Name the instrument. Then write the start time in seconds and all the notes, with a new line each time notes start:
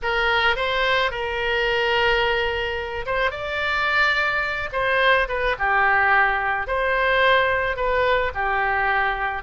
oboe
0.02 A#4
0.56 C5
1.11 A#4
3.06 C5
3.30 D5
4.72 C5
5.28 B4
5.58 G4
6.67 C5
7.76 B4
8.34 G4